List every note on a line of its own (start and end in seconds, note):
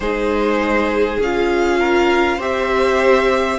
0.00 1.17 G#3
0.00 1.21 D#4
0.00 1.79 G#4
0.00 1.19 C5
1.20 2.39 C#4
1.20 2.39 F4
1.20 2.41 F5
1.79 2.37 A#4
2.37 3.58 C4
2.37 3.58 G4
2.37 3.57 C5
2.37 3.58 E5